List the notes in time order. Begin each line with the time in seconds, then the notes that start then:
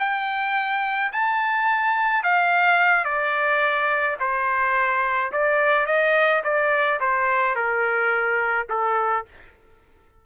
0.00 G5
1.13 A5
2.24 F5
3.05 D5
4.20 C5
5.32 D5
5.86 D#5
6.44 D5
7.00 C5
7.56 A#4
8.70 A4